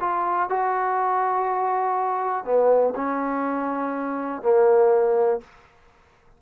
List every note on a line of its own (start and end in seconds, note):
0.00 0.49 F4
0.49 2.44 F#4
2.44 2.94 B3
2.95 4.42 C#4
4.42 5.41 A#3